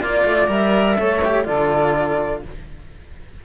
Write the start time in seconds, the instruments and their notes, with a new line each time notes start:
0.00 cello A#3 F4, flute D5, saxophone D5
0.25 cello A3
0.47 cello G3 A#4, flute E5
0.96 cello A3 A4, saxophone C#5
1.26 cello G4
1.45 cello D3 F4, saxophone A4, flute D5